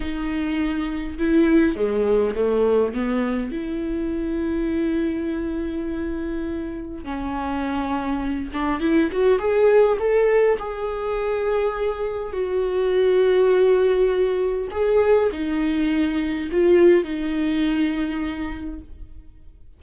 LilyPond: \new Staff \with { instrumentName = "viola" } { \time 4/4 \tempo 4 = 102 dis'2 e'4 gis4 | a4 b4 e'2~ | e'1 | cis'2~ cis'8 d'8 e'8 fis'8 |
gis'4 a'4 gis'2~ | gis'4 fis'2.~ | fis'4 gis'4 dis'2 | f'4 dis'2. | }